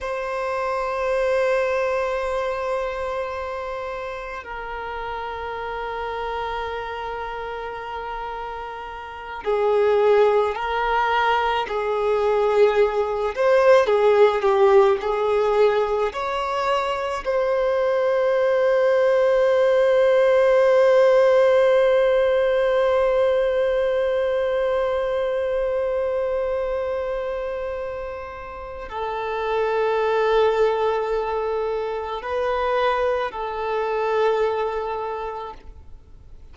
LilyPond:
\new Staff \with { instrumentName = "violin" } { \time 4/4 \tempo 4 = 54 c''1 | ais'1~ | ais'8 gis'4 ais'4 gis'4. | c''8 gis'8 g'8 gis'4 cis''4 c''8~ |
c''1~ | c''1~ | c''2 a'2~ | a'4 b'4 a'2 | }